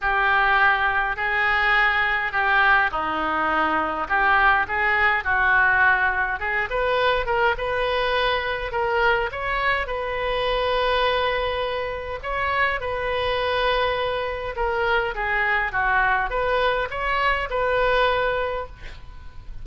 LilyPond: \new Staff \with { instrumentName = "oboe" } { \time 4/4 \tempo 4 = 103 g'2 gis'2 | g'4 dis'2 g'4 | gis'4 fis'2 gis'8 b'8~ | b'8 ais'8 b'2 ais'4 |
cis''4 b'2.~ | b'4 cis''4 b'2~ | b'4 ais'4 gis'4 fis'4 | b'4 cis''4 b'2 | }